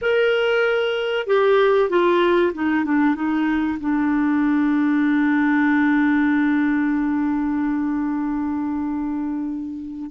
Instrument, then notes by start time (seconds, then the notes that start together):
clarinet
0.01 A#4
1.27 G4
1.89 F4
2.53 D#4
2.84 D4
3.15 D#4
3.80 D4